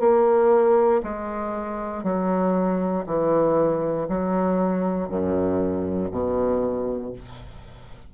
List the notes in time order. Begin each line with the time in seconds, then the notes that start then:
0.00 A#3
1.04 G#3
2.04 F#3
3.06 E3
4.09 F#3
5.09 F#2
6.12 B2